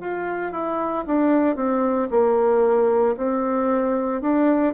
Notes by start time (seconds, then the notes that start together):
0.00 F4
0.52 E4
1.07 D4
1.56 C4
2.11 A#3
3.17 C4
4.22 D4